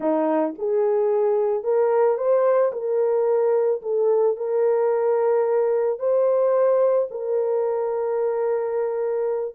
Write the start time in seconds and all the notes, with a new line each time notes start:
0.00 D#4
0.58 G#4
1.63 A#4
2.17 C5
2.72 A#4
3.82 A4
4.36 A#4
5.99 C5
7.10 A#4